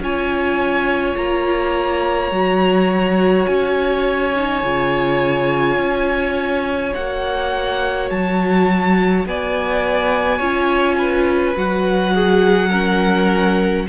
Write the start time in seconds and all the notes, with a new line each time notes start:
0.00 C#4 F4 C#5 G#5
1.17 A#3 A#5
2.31 F#3 F#4
3.47 C#4 G#5
4.35 D#4
4.63 C#3 F4
5.78 C#4
6.94 A#3 F#4 F#5
8.10 F#3 A5
9.26 B3 D5 G#5
10.38 C#4 F4 C#5
10.98 B4
11.55 F#3 F#4 F#5
12.15 G#4
12.70 C#4 A#4